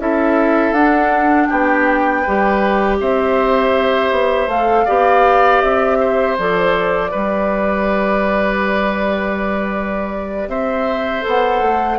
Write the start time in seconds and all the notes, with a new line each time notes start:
0.00 C#4 E4 A4 E5
0.73 D4 F#5
1.47 B3 G4 G5
2.22 G3 G4 B4
3.01 C4 C5 E5
4.12 B3
4.47 A3 A4 F5
4.85 B3 G4 D5
5.62 C4 E5
6.01 C5
6.39 F3 A4 D5
7.10 G3 G4 B4
10.48 C4 C5 E5
11.22 B3 A4 F#5
11.62 A3